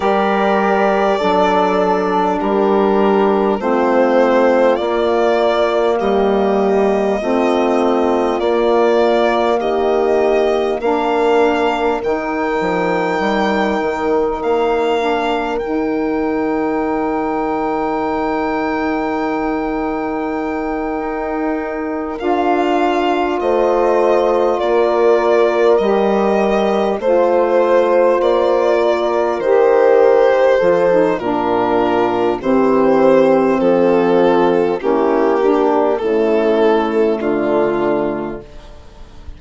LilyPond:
<<
  \new Staff \with { instrumentName = "violin" } { \time 4/4 \tempo 4 = 50 d''2 ais'4 c''4 | d''4 dis''2 d''4 | dis''4 f''4 g''2 | f''4 g''2.~ |
g''2~ g''8 f''4 dis''8~ | dis''8 d''4 dis''4 c''4 d''8~ | d''8 c''4. ais'4 c''4 | a'4 g'4 a'4 f'4 | }
  \new Staff \with { instrumentName = "horn" } { \time 4/4 ais'4 a'4 g'4 f'4~ | f'4 g'4 f'2 | g'4 ais'2.~ | ais'1~ |
ais'2.~ ais'8 c''8~ | c''8 ais'2 c''4. | ais'4. a'8 f'4 g'4 | f'4 e'8 d'8 e'4 d'4 | }
  \new Staff \with { instrumentName = "saxophone" } { \time 4/4 g'4 d'2 c'4 | ais2 c'4 ais4~ | ais4 d'4 dis'2~ | dis'8 d'8 dis'2.~ |
dis'2~ dis'8 f'4.~ | f'4. g'4 f'4.~ | f'8 g'4 f'16 dis'16 d'4 c'4~ | c'4 cis'8 d'8 a2 | }
  \new Staff \with { instrumentName = "bassoon" } { \time 4/4 g4 fis4 g4 a4 | ais4 g4 a4 ais4 | dis4 ais4 dis8 f8 g8 dis8 | ais4 dis2.~ |
dis4. dis'4 d'4 a8~ | a8 ais4 g4 a4 ais8~ | ais8 dis4 f8 ais,4 e4 | f4 ais4 cis4 d4 | }
>>